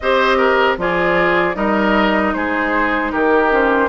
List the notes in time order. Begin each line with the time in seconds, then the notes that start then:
0.00 C4 G4 C5 D#5
0.37 A#4
0.77 F3 F4 G#4 D5
1.54 G3 D#4 A#4 D#5
2.33 G#3 G#4 C5
3.11 D#3 G4 A#4
3.50 C#4 C5